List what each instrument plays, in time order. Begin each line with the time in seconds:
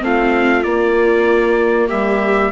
0.00 bassoon A3, viola C4 F4, trumpet F5
0.64 bassoon A#3, viola A#3, trumpet D5
1.88 bassoon G3, viola G4, trumpet E5